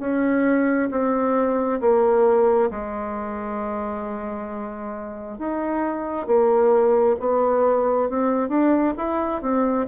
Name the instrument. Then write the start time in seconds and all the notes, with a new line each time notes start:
bassoon
0.00 C#4
0.91 C4
1.81 A#3
2.71 G#3
5.39 D#4
6.27 A#3
7.20 B3
8.10 C4
8.49 D4
8.98 E4
9.42 C4